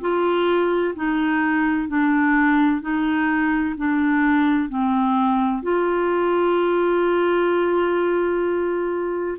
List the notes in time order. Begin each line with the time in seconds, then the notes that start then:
0.00 F4
0.95 D#4
1.88 D4
2.81 D#4
3.76 D4
4.69 C4
5.62 F4